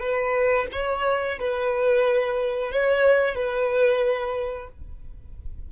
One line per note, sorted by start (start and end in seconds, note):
0.00 0.67 B4
0.72 1.39 C#5
1.39 2.72 B4
2.72 3.35 C#5
3.35 4.68 B4